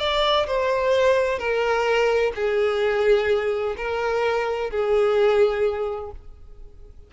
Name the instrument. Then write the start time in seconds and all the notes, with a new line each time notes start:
violin
0.00 D5
0.47 C5
1.39 A#4
2.35 G#4
3.77 A#4
4.71 G#4